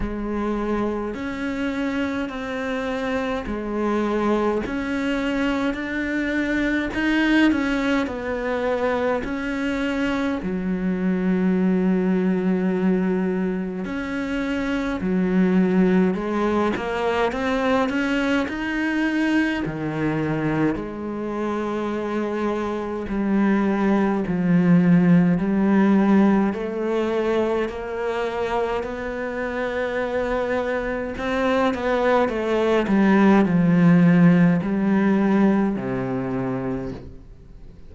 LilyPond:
\new Staff \with { instrumentName = "cello" } { \time 4/4 \tempo 4 = 52 gis4 cis'4 c'4 gis4 | cis'4 d'4 dis'8 cis'8 b4 | cis'4 fis2. | cis'4 fis4 gis8 ais8 c'8 cis'8 |
dis'4 dis4 gis2 | g4 f4 g4 a4 | ais4 b2 c'8 b8 | a8 g8 f4 g4 c4 | }